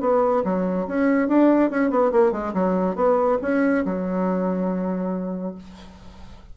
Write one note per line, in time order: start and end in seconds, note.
0.00 0.43 B3
0.44 0.87 F#3
0.87 1.28 C#4
1.28 1.70 D4
1.70 1.90 C#4
1.90 2.11 B3
2.11 2.32 A#3
2.32 2.53 G#3
2.54 2.95 F#3
2.95 3.38 B3
3.42 3.84 C#4
3.85 5.55 F#3